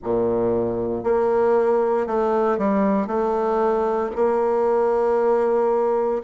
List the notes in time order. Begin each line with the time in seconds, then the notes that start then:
0.03 A#2
1.03 A#3
2.06 A3
2.58 G3
3.07 A3
4.15 A#3